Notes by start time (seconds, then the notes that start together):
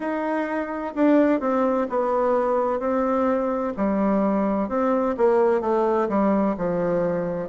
0.00 D#4
0.95 D4
1.40 C4
1.89 B3
2.79 C4
3.76 G3
4.68 C4
5.16 A#3
5.60 A3
6.09 G3
6.57 F3